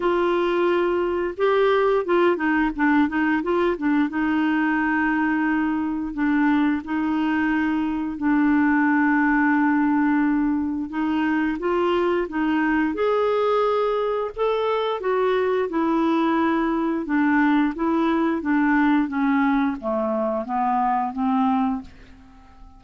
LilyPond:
\new Staff \with { instrumentName = "clarinet" } { \time 4/4 \tempo 4 = 88 f'2 g'4 f'8 dis'8 | d'8 dis'8 f'8 d'8 dis'2~ | dis'4 d'4 dis'2 | d'1 |
dis'4 f'4 dis'4 gis'4~ | gis'4 a'4 fis'4 e'4~ | e'4 d'4 e'4 d'4 | cis'4 a4 b4 c'4 | }